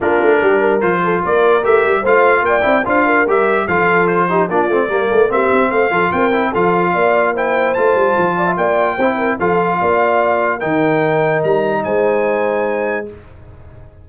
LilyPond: <<
  \new Staff \with { instrumentName = "trumpet" } { \time 4/4 \tempo 4 = 147 ais'2 c''4 d''4 | e''4 f''4 g''4 f''4 | e''4 f''4 c''4 d''4~ | d''4 e''4 f''4 g''4 |
f''2 g''4 a''4~ | a''4 g''2 f''4~ | f''2 g''2 | ais''4 gis''2. | }
  \new Staff \with { instrumentName = "horn" } { \time 4/4 f'4 g'8 ais'4 a'8 ais'4~ | ais'4 c''4 d''4 c''8 ais'8~ | ais'4 a'4. g'8 f'4 | ais'8 a'8 g'4 c''8 a'8 ais'4 |
a'4 d''4 c''2~ | c''8 d''16 e''16 d''4 c''8 ais'8 a'4 | d''2 ais'2~ | ais'4 c''2. | }
  \new Staff \with { instrumentName = "trombone" } { \time 4/4 d'2 f'2 | g'4 f'4. e'8 f'4 | g'4 f'4. dis'8 d'8 c'8 | ais4 c'4. f'4 e'8 |
f'2 e'4 f'4~ | f'2 e'4 f'4~ | f'2 dis'2~ | dis'1 | }
  \new Staff \with { instrumentName = "tuba" } { \time 4/4 ais8 a8 g4 f4 ais4 | a8 g8 a4 ais8 c'8 d'4 | g4 f2 ais8 a8 | g8 a8 ais8 c'8 a8 f8 c'4 |
f4 ais2 a8 g8 | f4 ais4 c'4 f4 | ais2 dis2 | g4 gis2. | }
>>